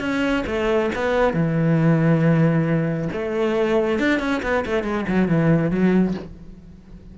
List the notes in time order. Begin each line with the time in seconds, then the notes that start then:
0.00 C#4
0.46 A3
0.95 B3
1.33 E3
3.12 A3
3.99 D4
4.19 C#4
4.42 B3
4.66 A3
4.83 G#3
5.08 F#3
5.28 E3
5.70 F#3